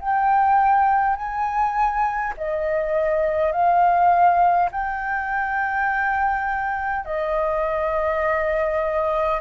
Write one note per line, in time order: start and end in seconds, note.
0.00 1.16 G5
1.16 2.34 G#5
2.37 3.52 D#5
3.52 4.70 F5
4.72 7.05 G5
7.05 9.41 D#5